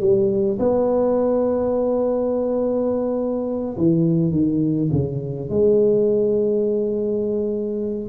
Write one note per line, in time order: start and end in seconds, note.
0.00 0.58 G3
0.59 3.76 B3
3.77 4.31 E3
4.31 4.89 D#3
4.92 5.49 C#3
5.49 8.09 G#3